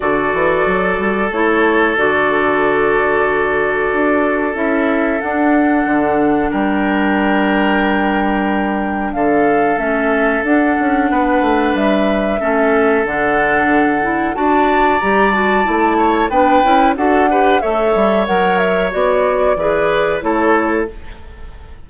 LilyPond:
<<
  \new Staff \with { instrumentName = "flute" } { \time 4/4 \tempo 4 = 92 d''2 cis''4 d''4~ | d''2. e''4 | fis''2 g''2~ | g''2 f''4 e''4 |
fis''2 e''2 | fis''2 a''4 ais''8 a''8~ | a''4 g''4 fis''4 e''4 | fis''8 e''8 d''2 cis''4 | }
  \new Staff \with { instrumentName = "oboe" } { \time 4/4 a'1~ | a'1~ | a'2 ais'2~ | ais'2 a'2~ |
a'4 b'2 a'4~ | a'2 d''2~ | d''8 cis''8 b'4 a'8 b'8 cis''4~ | cis''2 b'4 a'4 | }
  \new Staff \with { instrumentName = "clarinet" } { \time 4/4 fis'2 e'4 fis'4~ | fis'2. e'4 | d'1~ | d'2. cis'4 |
d'2. cis'4 | d'4. e'8 fis'4 g'8 fis'8 | e'4 d'8 e'8 fis'8 g'8 a'4 | ais'4 fis'4 gis'4 e'4 | }
  \new Staff \with { instrumentName = "bassoon" } { \time 4/4 d8 e8 fis8 g8 a4 d4~ | d2 d'4 cis'4 | d'4 d4 g2~ | g2 d4 a4 |
d'8 cis'8 b8 a8 g4 a4 | d2 d'4 g4 | a4 b8 cis'8 d'4 a8 g8 | fis4 b4 e4 a4 | }
>>